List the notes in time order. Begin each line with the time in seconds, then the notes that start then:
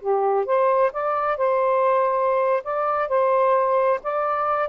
0.00 G4
0.45 C5
0.92 D5
1.37 C5
2.63 D5
3.08 C5
4.03 D5